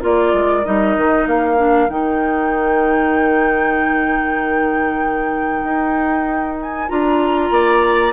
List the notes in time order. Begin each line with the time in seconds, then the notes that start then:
0.00 A#3 F4 A#4 D5
0.33 G#3
0.63 G3 D#4 D#5
0.96 D#3
1.26 A#3 F5
1.57 D4
1.88 D#3 D#4 G5
5.63 D#4
6.62 G#5
6.88 D4 F4 A#5
7.50 A#3 D5